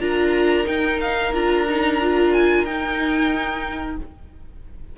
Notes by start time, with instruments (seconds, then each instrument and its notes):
0.00 cello D4, viola F4, violin A#4 A#5
0.65 viola D#4, cello D#4, violin G5
1.01 violin F5
1.34 cello D4, viola F4, violin A#5
1.69 viola D#4
2.01 viola F4
2.33 violin G#5
2.65 cello D#4, viola D#4, violin G5